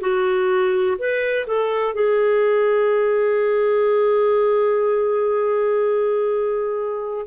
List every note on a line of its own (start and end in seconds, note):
0.00 0.97 F#4
0.98 1.46 B4
1.46 1.94 A4
1.94 7.26 G#4